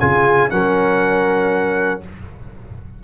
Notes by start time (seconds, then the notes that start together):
0.00 C#3 F4 G#4 G#5
0.50 F#3 C#4 A#4 F#5